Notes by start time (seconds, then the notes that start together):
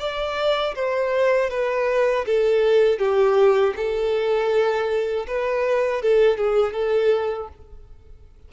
0.00 D5
0.75 C5
1.50 B4
2.26 A4
2.99 G4
3.77 A4
5.27 B4
6.02 A4
6.38 G#4
6.74 A4